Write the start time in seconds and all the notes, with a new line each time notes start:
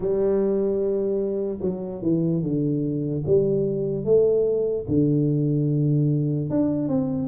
0.00 G3
1.61 F#3
2.02 E3
2.43 D3
3.26 G3
4.04 A3
4.88 D3
6.50 D4
6.88 C4